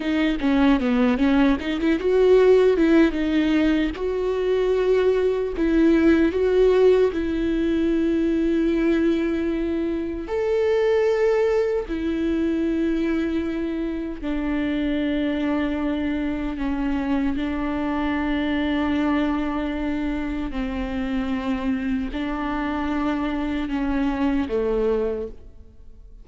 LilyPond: \new Staff \with { instrumentName = "viola" } { \time 4/4 \tempo 4 = 76 dis'8 cis'8 b8 cis'8 dis'16 e'16 fis'4 e'8 | dis'4 fis'2 e'4 | fis'4 e'2.~ | e'4 a'2 e'4~ |
e'2 d'2~ | d'4 cis'4 d'2~ | d'2 c'2 | d'2 cis'4 a4 | }